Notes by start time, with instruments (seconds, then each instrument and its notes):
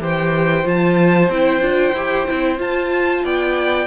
0.00 cello E3, viola G4, violin C5 G5
0.64 cello F3, viola F4, violin A5
1.29 cello C4, viola E4, violin G5
1.61 cello D4, viola F4
1.94 cello E4, viola G4
2.28 cello C4, viola E4
2.58 viola F4, cello F4, violin A5
3.24 cello B3, violin D5 G5